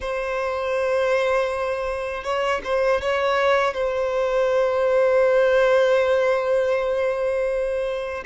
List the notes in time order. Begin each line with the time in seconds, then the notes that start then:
0.00 C5
2.23 C#5
2.64 C5
3.01 C#5
3.73 C5